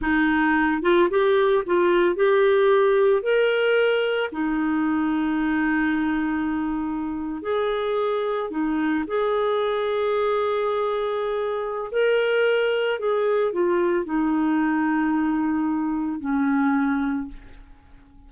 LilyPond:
\new Staff \with { instrumentName = "clarinet" } { \time 4/4 \tempo 4 = 111 dis'4. f'8 g'4 f'4 | g'2 ais'2 | dis'1~ | dis'4.~ dis'16 gis'2 dis'16~ |
dis'8. gis'2.~ gis'16~ | gis'2 ais'2 | gis'4 f'4 dis'2~ | dis'2 cis'2 | }